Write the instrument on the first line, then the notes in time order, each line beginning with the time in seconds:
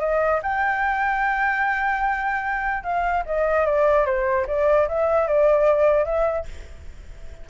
flute
0.00 D#5
0.43 G5
2.83 F5
3.26 D#5
3.66 D5
4.06 C5
4.47 D5
4.88 E5
5.27 D5
6.05 E5